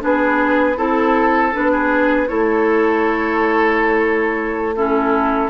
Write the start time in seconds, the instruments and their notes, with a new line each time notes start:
0.00 bassoon B3, clarinet D4, oboe G#4, flute B4
0.77 bassoon C4, clarinet E4, oboe A4, flute A4
1.53 bassoon B3, clarinet D4, flute B4
1.72 oboe G#4
2.28 bassoon A3, clarinet E4, oboe A4, flute C#5
4.76 clarinet C#4, oboe E4, flute A4